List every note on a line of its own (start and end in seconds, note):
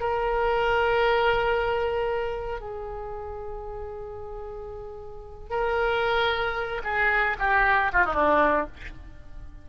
0.00 2.60 A#4
2.60 5.50 G#4
5.50 6.81 A#4
6.84 7.37 G#4
7.39 7.91 G4
7.93 8.05 F4
8.05 8.14 D#4
8.14 8.67 D4